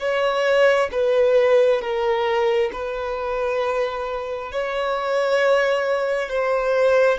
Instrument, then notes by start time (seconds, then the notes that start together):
violin
0.00 C#5
0.92 B4
1.81 A#4
2.73 B4
4.52 C#5
6.29 C5